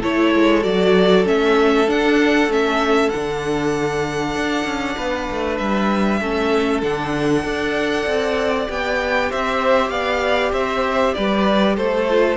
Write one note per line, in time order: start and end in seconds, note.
0.00 0.35 A3
0.00 0.62 E4
0.00 4.95 A4
0.00 0.63 C#5
0.35 0.65 G#3
0.62 1.27 F#3
0.62 1.24 F#4
0.62 1.25 D5
1.24 1.88 A3
1.24 1.86 C#4
1.24 1.90 E5
1.87 2.49 D4
1.87 2.48 D4
1.87 2.52 F#5
2.48 3.10 A3
2.48 3.11 C#4
2.48 3.09 E5
3.09 4.35 D3
3.09 6.23 D4
3.09 5.57 F#5
4.35 4.65 D4
4.65 4.96 C#4
4.97 5.29 B3
4.97 6.20 B4
5.31 5.60 A3
5.58 6.21 G3
5.58 6.81 E5
6.21 6.83 A3
6.21 6.82 C#4
6.21 7.44 A4
6.82 7.44 D3
6.82 7.43 D4
6.82 8.68 F#5
7.43 8.06 D4
7.43 8.66 A4
7.43 9.30 D5
8.06 8.68 C4
8.66 9.31 B3
8.66 12.07 G4
8.66 9.31 G5
9.30 9.90 C4
9.30 9.91 C5
9.30 9.90 E5
9.90 10.52 B3
9.90 10.53 D5
9.90 10.52 F5
10.53 11.14 C4
10.53 11.14 C5
10.53 11.14 E5
11.14 11.78 G3
11.14 11.77 B4
11.14 11.76 D5
11.77 12.37 A3
11.77 12.37 A4
11.77 12.37 C5
12.09 12.37 F4